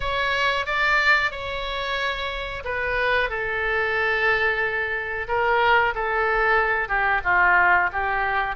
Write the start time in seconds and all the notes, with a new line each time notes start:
0.00 C#5
0.66 D5
1.31 C#5
2.64 B4
3.29 A4
5.27 A#4
5.94 A4
6.88 G4
7.23 F4
7.92 G4